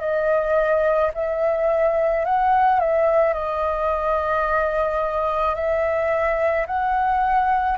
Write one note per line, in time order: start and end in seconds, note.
0.00 1.11 D#5
1.14 2.25 E5
2.25 2.80 F#5
2.80 3.33 E5
3.33 5.55 D#5
5.55 6.66 E5
6.67 7.78 F#5